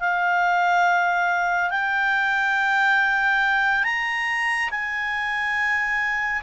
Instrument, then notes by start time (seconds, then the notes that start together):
clarinet
0.00 F5
1.70 G5
3.84 A#5
4.70 G#5